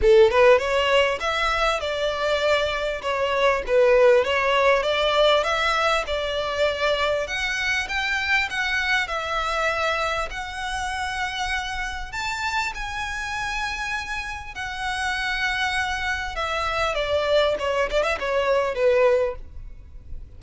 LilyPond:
\new Staff \with { instrumentName = "violin" } { \time 4/4 \tempo 4 = 99 a'8 b'8 cis''4 e''4 d''4~ | d''4 cis''4 b'4 cis''4 | d''4 e''4 d''2 | fis''4 g''4 fis''4 e''4~ |
e''4 fis''2. | a''4 gis''2. | fis''2. e''4 | d''4 cis''8 d''16 e''16 cis''4 b'4 | }